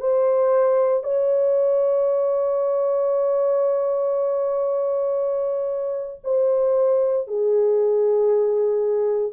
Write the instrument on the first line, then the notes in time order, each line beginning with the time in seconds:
horn
0.00 C5
1.03 C#5
6.24 C5
7.27 G#4